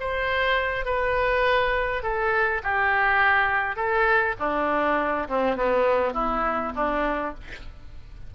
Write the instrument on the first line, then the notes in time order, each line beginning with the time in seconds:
oboe
0.00 C5
0.85 B4
2.02 A4
2.63 G4
3.76 A4
4.39 D4
5.28 C4
5.56 B3
6.14 E4
6.75 D4